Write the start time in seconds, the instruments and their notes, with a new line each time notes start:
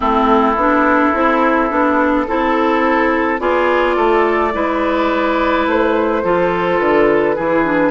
0.00 bassoon A3, clarinet C4, oboe E4, flute A4
0.55 bassoon B3, clarinet D4
1.14 bassoon C4, clarinet E4
1.69 bassoon B3, clarinet D4
2.27 bassoon C4, clarinet E4, oboe A4
3.39 bassoon B3, clarinet F4, oboe G#4, flute D5
3.96 bassoon A3, oboe A4
4.53 bassoon G#3, clarinet E4, oboe B4
5.66 bassoon A3, flute C5
6.23 bassoon F3, clarinet F4, oboe A4
6.78 bassoon D3, flute B4
7.35 bassoon E3, clarinet E4, oboe G#4
7.65 clarinet D4